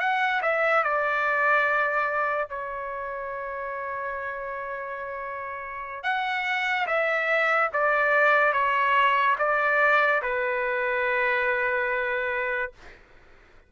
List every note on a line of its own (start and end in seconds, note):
0.00 0.42 F#5
0.42 0.84 E5
0.84 2.49 D5
2.49 6.03 C#5
6.03 6.86 F#5
6.87 7.70 E5
7.73 8.53 D5
8.53 9.36 C#5
9.39 10.22 D5
10.22 12.72 B4